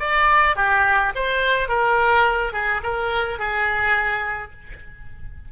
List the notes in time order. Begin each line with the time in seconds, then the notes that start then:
0.00 D5
0.56 G4
1.15 C5
1.69 A#4
2.53 G#4
2.84 A#4
3.39 G#4